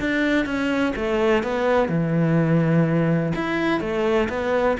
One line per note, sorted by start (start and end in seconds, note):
0.00 0.46 D4
0.46 0.94 C#4
0.96 1.43 A3
1.43 1.89 B3
1.89 3.33 E3
3.35 3.80 E4
3.80 4.28 A3
4.29 4.77 B3